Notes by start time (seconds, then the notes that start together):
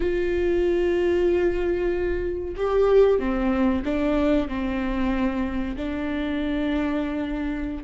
0.00 F4
2.56 G4
3.19 C4
3.84 D4
4.48 C4
5.76 D4